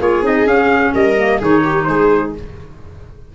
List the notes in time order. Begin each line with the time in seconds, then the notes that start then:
0.00 A#3 F4 G#4 C#5
0.23 C4 D#4 D#5
0.46 C#4 F5
0.94 G3 A#4 D#5
1.18 A#3
1.40 D#3 D#4 G#4 C#5
1.64 G4
1.84 G#3 G#4 C5